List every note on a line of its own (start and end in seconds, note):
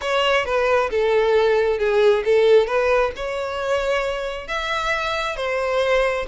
0.01 0.45 C#5
0.45 0.90 B4
0.90 1.78 A4
1.78 2.23 G#4
2.24 2.66 A4
2.66 3.11 B4
3.16 4.47 C#5
4.47 5.36 E5
5.36 6.25 C5